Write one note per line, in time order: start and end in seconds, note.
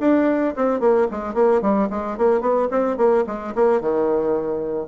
0.00 0.55 D4
0.56 0.80 C4
0.80 1.07 A#3
1.11 1.34 G#3
1.34 1.61 A#3
1.62 1.89 G3
1.90 2.17 G#3
2.17 2.41 A#3
2.41 2.68 B3
2.71 2.97 C4
2.97 3.24 A#3
3.27 3.54 G#3
3.55 3.81 A#3
3.81 4.87 D#3